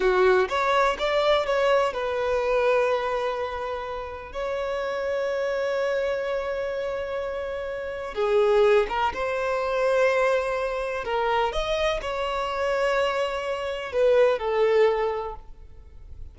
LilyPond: \new Staff \with { instrumentName = "violin" } { \time 4/4 \tempo 4 = 125 fis'4 cis''4 d''4 cis''4 | b'1~ | b'4 cis''2.~ | cis''1~ |
cis''4 gis'4. ais'8 c''4~ | c''2. ais'4 | dis''4 cis''2.~ | cis''4 b'4 a'2 | }